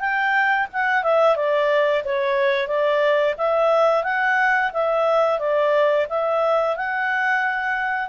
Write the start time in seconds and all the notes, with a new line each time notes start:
0.00 G5
0.73 F#5
1.04 E5
1.36 D5
2.04 C#5
2.68 D5
3.38 E5
4.04 F#5
4.73 E5
5.39 D5
6.09 E5
6.77 F#5